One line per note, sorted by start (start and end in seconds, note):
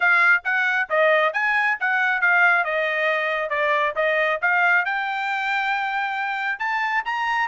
0.00 0.42 F5
0.44 0.88 F#5
0.89 1.33 D#5
1.33 1.77 G#5
1.79 2.21 F#5
2.21 2.64 F5
2.64 3.49 D#5
3.49 3.93 D5
3.95 4.39 D#5
4.41 4.85 F5
4.85 6.59 G5
6.59 7.03 A5
7.05 7.48 A#5